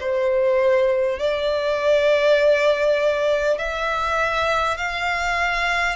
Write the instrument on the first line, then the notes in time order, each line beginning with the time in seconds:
violin
0.00 C5
1.19 D5
3.58 E5
4.77 F5